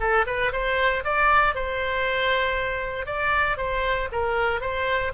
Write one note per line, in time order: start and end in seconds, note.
0.00 0.26 A4
0.27 0.52 B4
0.52 1.03 C5
1.04 1.55 D5
1.55 3.06 C5
3.06 3.57 D5
3.57 4.08 C5
4.12 4.61 A#4
4.61 5.12 C5